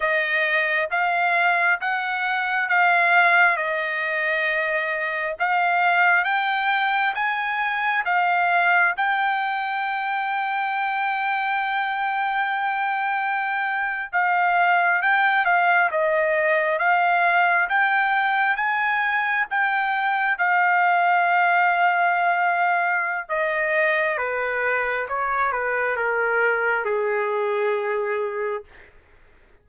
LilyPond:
\new Staff \with { instrumentName = "trumpet" } { \time 4/4 \tempo 4 = 67 dis''4 f''4 fis''4 f''4 | dis''2 f''4 g''4 | gis''4 f''4 g''2~ | g''2.~ g''8. f''16~ |
f''8. g''8 f''8 dis''4 f''4 g''16~ | g''8. gis''4 g''4 f''4~ f''16~ | f''2 dis''4 b'4 | cis''8 b'8 ais'4 gis'2 | }